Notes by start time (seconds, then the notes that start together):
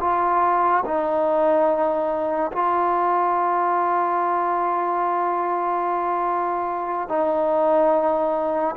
0.00 F4
0.84 D#4
2.52 F4
7.08 D#4